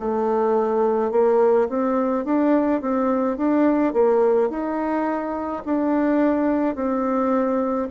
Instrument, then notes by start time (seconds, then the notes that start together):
bassoon
0.00 A3
1.12 A#3
1.69 C4
2.25 D4
2.81 C4
3.38 D4
3.94 A#3
4.50 D#4
5.66 D4
6.75 C4